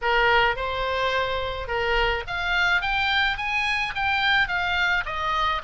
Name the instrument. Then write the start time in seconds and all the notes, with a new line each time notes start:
oboe
0.01 A#4
0.56 C5
1.67 A#4
2.27 F5
2.81 G5
3.37 G#5
3.95 G5
4.48 F5
5.05 D#5